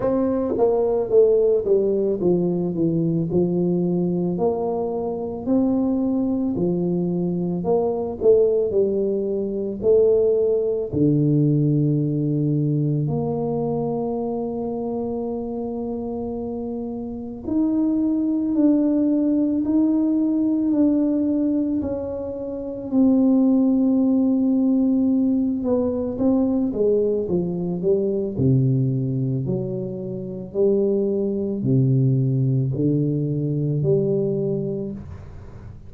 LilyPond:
\new Staff \with { instrumentName = "tuba" } { \time 4/4 \tempo 4 = 55 c'8 ais8 a8 g8 f8 e8 f4 | ais4 c'4 f4 ais8 a8 | g4 a4 d2 | ais1 |
dis'4 d'4 dis'4 d'4 | cis'4 c'2~ c'8 b8 | c'8 gis8 f8 g8 c4 fis4 | g4 c4 d4 g4 | }